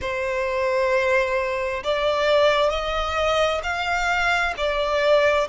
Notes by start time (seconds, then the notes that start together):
0.01 C5
1.83 D5
2.70 D#5
3.63 F5
4.57 D5